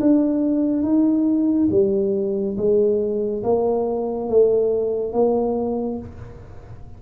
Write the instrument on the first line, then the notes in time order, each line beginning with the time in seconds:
tuba
0.00 D4
0.83 D#4
1.71 G3
2.57 G#3
3.43 A#3
4.29 A3
5.13 A#3